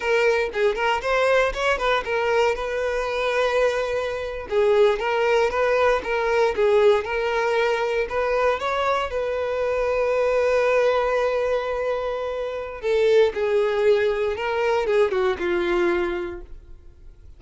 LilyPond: \new Staff \with { instrumentName = "violin" } { \time 4/4 \tempo 4 = 117 ais'4 gis'8 ais'8 c''4 cis''8 b'8 | ais'4 b'2.~ | b'8. gis'4 ais'4 b'4 ais'16~ | ais'8. gis'4 ais'2 b'16~ |
b'8. cis''4 b'2~ b'16~ | b'1~ | b'4 a'4 gis'2 | ais'4 gis'8 fis'8 f'2 | }